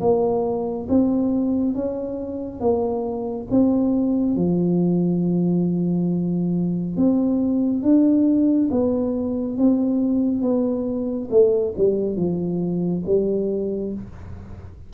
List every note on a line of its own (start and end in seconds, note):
0.00 0.87 A#3
0.89 1.74 C4
1.74 2.60 C#4
2.60 3.47 A#3
3.50 4.36 C4
4.36 6.96 F3
6.96 7.82 C4
7.82 8.69 D4
8.70 9.57 B3
9.57 10.42 C4
10.42 11.28 B3
11.30 11.74 A3
11.77 12.16 G3
12.16 13.03 F3
13.06 13.93 G3